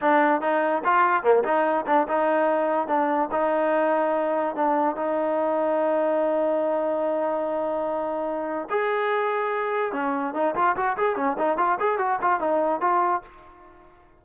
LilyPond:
\new Staff \with { instrumentName = "trombone" } { \time 4/4 \tempo 4 = 145 d'4 dis'4 f'4 ais8 dis'8~ | dis'8 d'8 dis'2 d'4 | dis'2. d'4 | dis'1~ |
dis'1~ | dis'4 gis'2. | cis'4 dis'8 f'8 fis'8 gis'8 cis'8 dis'8 | f'8 gis'8 fis'8 f'8 dis'4 f'4 | }